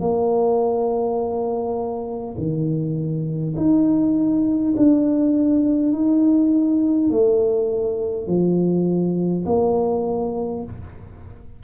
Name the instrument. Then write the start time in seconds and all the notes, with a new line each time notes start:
tuba
0.00 A#3
2.37 D#3
3.57 D#4
4.76 D4
5.93 D#4
7.10 A3
8.27 F3
9.45 A#3